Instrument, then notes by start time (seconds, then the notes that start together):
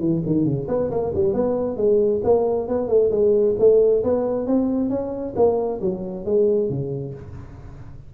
tuba
0.00 E3
0.26 D#3
0.45 C#3
0.68 B3
0.91 A#3
1.15 G3
1.34 B3
1.77 G#3
2.24 A#3
2.68 B3
2.88 A3
3.11 G#3
3.59 A3
4.04 B3
4.47 C4
4.90 C#4
5.36 A#3
5.81 F#3
6.25 G#3
6.70 C#3